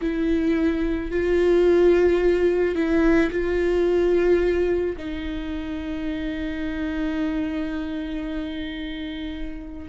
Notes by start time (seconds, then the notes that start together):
0.01 E4
1.11 F4
2.75 E4
3.31 F4
4.96 D#4